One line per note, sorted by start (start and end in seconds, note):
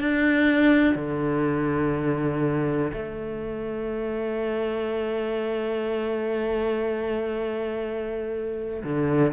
0.00 0.95 D4
0.95 2.92 D3
2.93 8.83 A3
8.83 9.33 D3